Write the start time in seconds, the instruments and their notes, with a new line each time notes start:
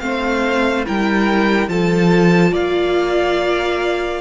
0.00 cello A3, viola C4, violin C5 F5
0.85 cello G3, viola E4, violin A#4 G5
1.68 cello F3, viola F4, violin A4 A5
2.52 cello A#3, violin D5 F5